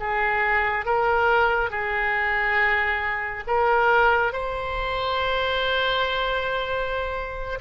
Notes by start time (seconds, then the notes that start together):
0.00 G#4
0.85 A#4
1.70 G#4
3.47 A#4
4.33 C5